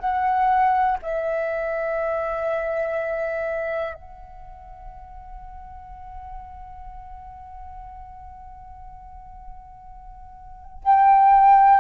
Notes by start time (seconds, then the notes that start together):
0.00 F#5
1.03 E5
3.95 F#5
10.84 G5